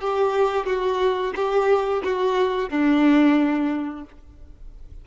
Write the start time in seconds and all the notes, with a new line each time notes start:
0.00 G4
0.66 F#4
1.35 G4
2.03 F#4
2.69 D4